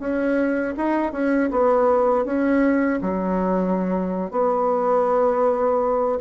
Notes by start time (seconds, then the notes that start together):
0.00 C#4
0.77 D#4
1.13 C#4
1.52 B3
2.25 C#4
3.02 F#3
4.32 B3